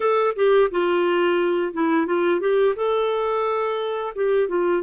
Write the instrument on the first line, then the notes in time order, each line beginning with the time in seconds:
clarinet
0.00 A4
0.35 G4
0.71 F4
1.73 E4
2.06 F4
2.40 G4
2.75 A4
4.15 G4
4.48 F4